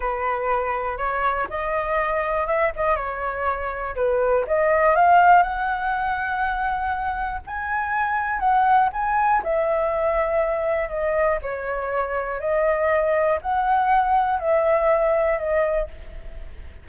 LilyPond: \new Staff \with { instrumentName = "flute" } { \time 4/4 \tempo 4 = 121 b'2 cis''4 dis''4~ | dis''4 e''8 dis''8 cis''2 | b'4 dis''4 f''4 fis''4~ | fis''2. gis''4~ |
gis''4 fis''4 gis''4 e''4~ | e''2 dis''4 cis''4~ | cis''4 dis''2 fis''4~ | fis''4 e''2 dis''4 | }